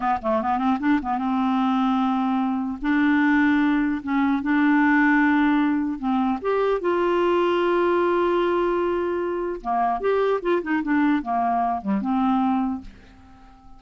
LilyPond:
\new Staff \with { instrumentName = "clarinet" } { \time 4/4 \tempo 4 = 150 b8 a8 b8 c'8 d'8 b8 c'4~ | c'2. d'4~ | d'2 cis'4 d'4~ | d'2. c'4 |
g'4 f'2.~ | f'1 | ais4 g'4 f'8 dis'8 d'4 | ais4. g8 c'2 | }